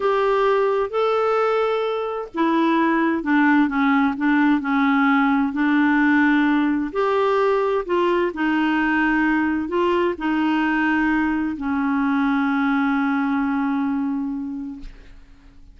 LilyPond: \new Staff \with { instrumentName = "clarinet" } { \time 4/4 \tempo 4 = 130 g'2 a'2~ | a'4 e'2 d'4 | cis'4 d'4 cis'2 | d'2. g'4~ |
g'4 f'4 dis'2~ | dis'4 f'4 dis'2~ | dis'4 cis'2.~ | cis'1 | }